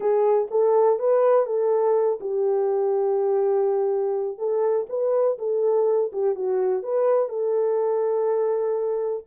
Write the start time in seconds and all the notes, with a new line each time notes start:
0.00 G#4
0.50 A4
0.99 B4
1.46 A4
2.20 G4
4.38 A4
4.89 B4
5.38 A4
6.12 G4
6.35 F#4
6.82 B4
7.28 A4